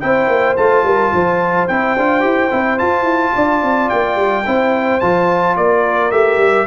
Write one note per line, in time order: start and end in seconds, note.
0.00 0.28 C4
0.00 0.57 E4
0.00 0.85 C5
0.00 0.56 G5
0.28 0.56 A#3
0.56 0.83 A3
0.56 1.69 F4
0.56 1.68 A5
0.83 1.11 G3
0.83 1.13 A#4
1.13 1.68 F3
1.13 3.34 C5
1.68 1.96 C4
1.68 1.97 E4
1.68 2.78 G5
1.96 2.24 D4
1.96 2.20 F4
2.20 2.51 E4
2.20 2.48 G4
2.51 2.81 C4
2.51 2.78 E4
2.78 4.44 F4
2.78 3.02 F4
2.78 3.89 A5
3.02 3.30 E4
3.34 3.62 D4
3.34 4.46 D5
3.62 3.90 C4
3.89 4.16 A#3
3.89 5.00 G5
4.16 4.43 G3
4.46 5.02 C4
4.46 5.01 E4
4.46 5.58 C5
5.00 5.57 F3
5.00 6.12 F4
5.00 5.56 A5
5.56 6.11 A#3
5.56 6.67 A#4
5.56 6.11 D5
6.11 6.37 A3
6.11 6.67 G4
6.11 6.67 E5
6.37 6.65 G3